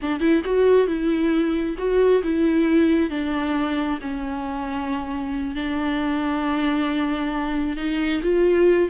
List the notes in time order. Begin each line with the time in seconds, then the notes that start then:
0.02 D4
0.19 E4
0.44 F#4
0.87 E4
1.78 F#4
2.23 E4
3.10 D4
4.01 C#4
5.55 D4
7.77 D#4
8.22 F4